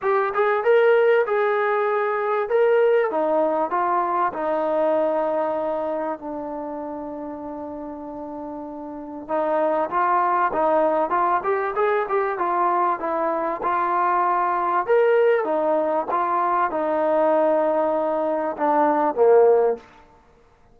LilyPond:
\new Staff \with { instrumentName = "trombone" } { \time 4/4 \tempo 4 = 97 g'8 gis'8 ais'4 gis'2 | ais'4 dis'4 f'4 dis'4~ | dis'2 d'2~ | d'2. dis'4 |
f'4 dis'4 f'8 g'8 gis'8 g'8 | f'4 e'4 f'2 | ais'4 dis'4 f'4 dis'4~ | dis'2 d'4 ais4 | }